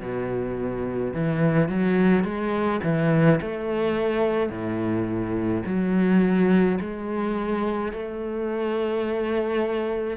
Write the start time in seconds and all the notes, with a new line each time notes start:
0.00 B2
1.14 E3
1.69 F#3
2.24 G#3
2.83 E3
3.41 A3
4.49 A2
5.66 F#3
6.80 G#3
7.92 A3